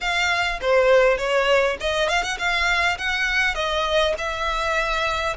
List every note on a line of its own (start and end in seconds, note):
0.00 0.60 F5
0.61 1.17 C5
1.17 1.77 C#5
1.80 2.08 D#5
2.08 2.22 F5
2.22 2.37 F#5
2.38 2.97 F5
2.98 3.54 F#5
3.54 4.14 D#5
4.17 5.36 E5